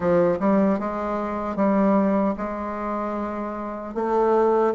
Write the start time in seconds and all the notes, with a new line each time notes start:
0.00 F3
0.39 G3
0.79 G#3
1.55 G3
2.37 G#3
3.95 A3